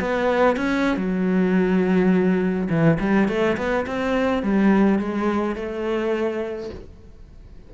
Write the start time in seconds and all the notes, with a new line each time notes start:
0.00 B3
0.56 C#4
0.97 F#3
2.69 E3
3.00 G3
3.28 A3
3.57 B3
3.86 C4
4.43 G3
4.99 G#3
5.56 A3